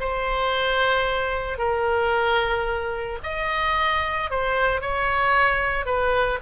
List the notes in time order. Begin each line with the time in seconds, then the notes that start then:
0.00 C5
1.58 A#4
3.23 D#5
4.30 C5
4.81 C#5
5.85 B4